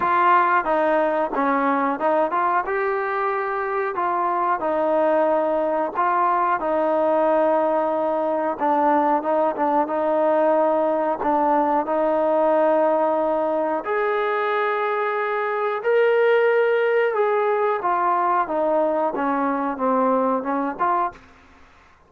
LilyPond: \new Staff \with { instrumentName = "trombone" } { \time 4/4 \tempo 4 = 91 f'4 dis'4 cis'4 dis'8 f'8 | g'2 f'4 dis'4~ | dis'4 f'4 dis'2~ | dis'4 d'4 dis'8 d'8 dis'4~ |
dis'4 d'4 dis'2~ | dis'4 gis'2. | ais'2 gis'4 f'4 | dis'4 cis'4 c'4 cis'8 f'8 | }